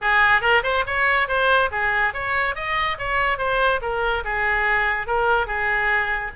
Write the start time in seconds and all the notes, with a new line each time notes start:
0.01 G#4
0.41 A#4
0.63 C5
0.86 C#5
1.28 C5
1.71 G#4
2.13 C#5
2.55 D#5
2.98 C#5
3.38 C5
3.81 A#4
4.24 G#4
5.06 A#4
5.46 G#4